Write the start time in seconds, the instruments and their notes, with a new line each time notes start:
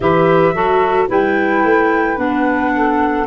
0.00 tuba E3, clarinet G4, saxophone B4, flute E5
0.53 tuba F#3, clarinet F#4, saxophone A4
1.08 tuba G3, clarinet E4, saxophone B4, flute G5
1.63 tuba A3
2.16 tuba B3, clarinet D4, flute F#5
2.75 saxophone A4